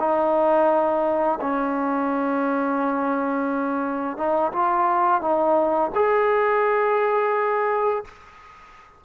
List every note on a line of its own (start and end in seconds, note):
0.00 1.40 D#4
1.41 4.17 C#4
4.17 4.52 D#4
4.53 5.21 F4
5.21 5.91 D#4
5.95 8.05 G#4